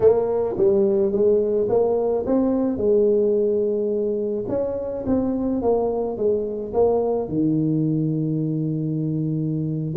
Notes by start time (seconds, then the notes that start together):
0.00 A#3
0.57 G3
1.11 G#3
1.69 A#3
2.26 C4
2.77 G#3
4.48 C#4
5.06 C4
5.62 A#3
6.17 G#3
6.73 A#3
7.28 D#3